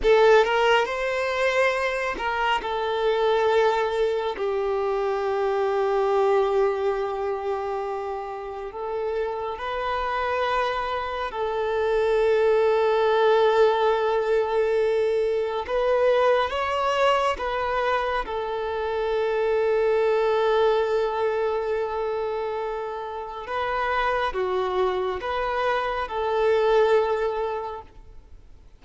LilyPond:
\new Staff \with { instrumentName = "violin" } { \time 4/4 \tempo 4 = 69 a'8 ais'8 c''4. ais'8 a'4~ | a'4 g'2.~ | g'2 a'4 b'4~ | b'4 a'2.~ |
a'2 b'4 cis''4 | b'4 a'2.~ | a'2. b'4 | fis'4 b'4 a'2 | }